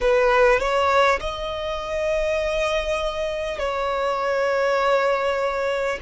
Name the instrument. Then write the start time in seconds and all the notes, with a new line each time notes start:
violin
0.00 B4
0.59 C#5
1.19 D#5
3.58 C#5